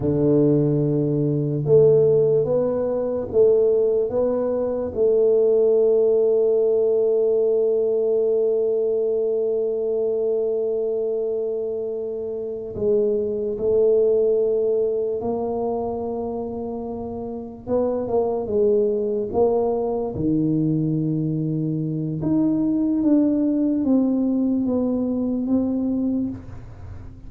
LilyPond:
\new Staff \with { instrumentName = "tuba" } { \time 4/4 \tempo 4 = 73 d2 a4 b4 | a4 b4 a2~ | a1~ | a2.~ a8 gis8~ |
gis8 a2 ais4.~ | ais4. b8 ais8 gis4 ais8~ | ais8 dis2~ dis8 dis'4 | d'4 c'4 b4 c'4 | }